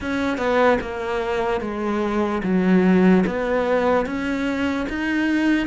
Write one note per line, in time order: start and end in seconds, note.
0.00 0.37 C#4
0.37 0.78 B3
0.81 1.60 A#3
1.60 2.41 G#3
2.43 3.24 F#3
3.26 4.05 B3
4.05 4.86 C#4
4.89 5.67 D#4